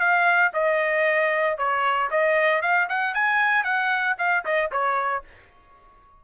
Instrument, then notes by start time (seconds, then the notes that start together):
trumpet
0.00 F5
0.54 D#5
1.58 C#5
2.11 D#5
2.62 F5
2.89 F#5
3.15 G#5
3.64 F#5
4.19 F5
4.45 D#5
4.72 C#5